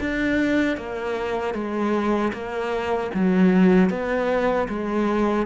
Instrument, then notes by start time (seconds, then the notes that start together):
cello
0.00 D4
0.77 A#3
1.54 G#3
2.32 A#3
3.14 F#3
3.89 B3
4.68 G#3